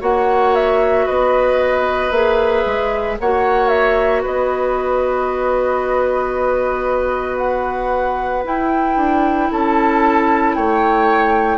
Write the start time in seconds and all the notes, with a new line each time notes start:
0.00 A#3 F#4 C#5 F#5
0.55 E5
1.05 B3 B4 D#5
2.11 A#3 G#4 E5
2.66 G#3
3.20 A#3 F#4 C#5 F#5
3.68 E5
4.22 B3 B4 D#5
7.37 F#5
8.44 E4 G5
8.96 D4
9.51 C#4 A4 A5
10.55 A3 C#5 G5